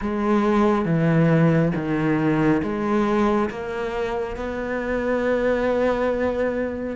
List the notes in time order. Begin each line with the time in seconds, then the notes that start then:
0.01 G#3
0.85 E3
1.75 D#3
2.62 G#3
3.50 A#3
4.36 B3